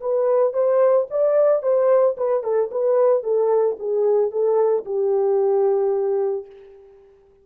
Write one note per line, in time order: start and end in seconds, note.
0.00 0.53 B4
0.53 1.06 C5
1.10 1.62 D5
1.62 2.16 C5
2.17 2.43 B4
2.43 2.70 A4
2.71 3.23 B4
3.23 3.76 A4
3.79 4.31 G#4
4.31 4.84 A4
4.85 6.46 G4